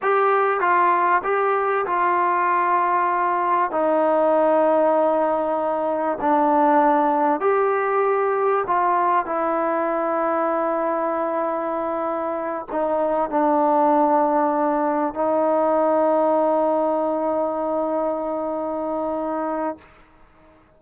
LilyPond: \new Staff \with { instrumentName = "trombone" } { \time 4/4 \tempo 4 = 97 g'4 f'4 g'4 f'4~ | f'2 dis'2~ | dis'2 d'2 | g'2 f'4 e'4~ |
e'1~ | e'8 dis'4 d'2~ d'8~ | d'8 dis'2.~ dis'8~ | dis'1 | }